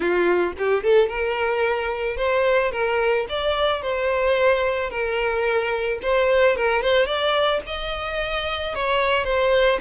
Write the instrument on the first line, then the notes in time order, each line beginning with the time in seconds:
violin
0.00 F4
0.58 G4
0.83 A4
1.08 A#4
2.17 C5
2.71 A#4
3.29 D5
3.82 C5
4.90 A#4
6.02 C5
6.56 A#4
6.82 C5
7.06 D5
7.66 D#5
8.74 C#5
9.24 C5